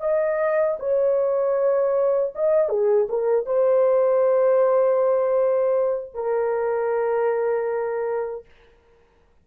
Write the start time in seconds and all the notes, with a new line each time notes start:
0.00 D#5
0.79 C#5
2.35 D#5
2.69 G#4
3.09 A#4
3.45 C5
6.14 A#4